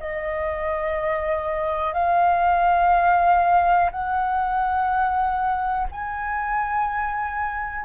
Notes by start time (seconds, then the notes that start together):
0.00 D#5
1.94 F5
3.92 F#5
5.92 G#5